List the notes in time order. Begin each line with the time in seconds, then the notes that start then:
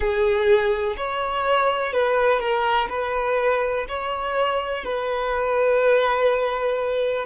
0.00 G#4
0.97 C#5
1.93 B4
2.39 A#4
2.89 B4
3.88 C#5
4.84 B4